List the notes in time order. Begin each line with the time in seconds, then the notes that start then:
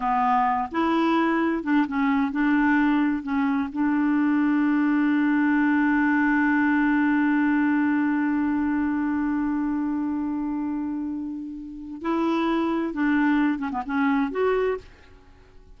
0.00 B3
0.71 E4
1.63 D4
1.87 C#4
2.31 D4
3.22 C#4
3.72 D4
12.01 E4
12.93 D4
13.58 C#4
13.71 B3
13.86 C#4
14.31 F#4